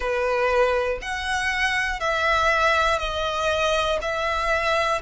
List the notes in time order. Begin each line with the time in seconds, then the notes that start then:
0.00 B4
1.01 F#5
2.00 E5
2.98 D#5
4.01 E5